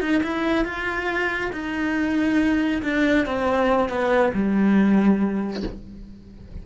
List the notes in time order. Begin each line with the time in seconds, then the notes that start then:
0.00 D#4
0.23 E4
0.64 F4
1.52 D#4
2.82 D4
3.26 C4
3.89 B3
4.33 G3